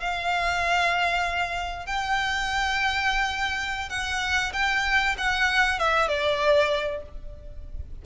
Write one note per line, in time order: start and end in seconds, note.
0.00 1.86 F5
1.86 3.89 G5
3.89 4.52 F#5
4.53 5.15 G5
5.17 5.79 F#5
5.79 6.08 E5
6.08 7.02 D5